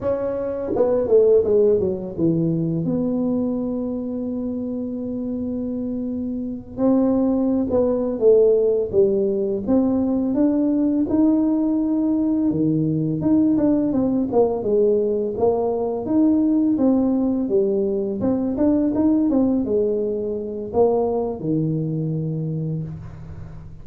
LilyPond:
\new Staff \with { instrumentName = "tuba" } { \time 4/4 \tempo 4 = 84 cis'4 b8 a8 gis8 fis8 e4 | b1~ | b4. c'4~ c'16 b8. a8~ | a8 g4 c'4 d'4 dis'8~ |
dis'4. dis4 dis'8 d'8 c'8 | ais8 gis4 ais4 dis'4 c'8~ | c'8 g4 c'8 d'8 dis'8 c'8 gis8~ | gis4 ais4 dis2 | }